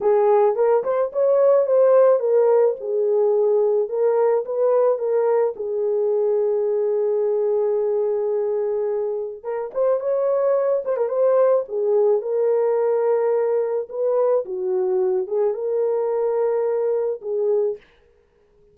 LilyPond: \new Staff \with { instrumentName = "horn" } { \time 4/4 \tempo 4 = 108 gis'4 ais'8 c''8 cis''4 c''4 | ais'4 gis'2 ais'4 | b'4 ais'4 gis'2~ | gis'1~ |
gis'4 ais'8 c''8 cis''4. c''16 ais'16 | c''4 gis'4 ais'2~ | ais'4 b'4 fis'4. gis'8 | ais'2. gis'4 | }